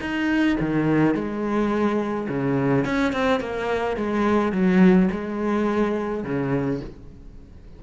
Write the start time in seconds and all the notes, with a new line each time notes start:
0.00 D#4
0.60 D#3
1.14 G#3
2.28 C#3
2.85 C#4
3.12 C4
3.40 A#3
3.96 G#3
4.52 F#3
5.11 G#3
6.24 C#3